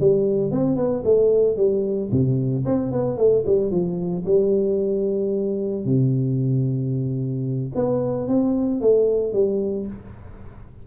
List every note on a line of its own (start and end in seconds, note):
0.00 0.52 G3
0.52 0.76 C4
0.76 1.03 B3
1.04 1.57 A3
1.57 2.10 G3
2.11 2.65 C3
2.65 2.92 C4
2.92 3.18 B3
3.18 3.44 A3
3.46 3.71 G3
3.71 4.24 F3
4.25 5.85 G3
5.85 7.72 C3
7.75 8.28 B3
8.28 8.81 C4
8.81 9.33 A3
9.33 9.86 G3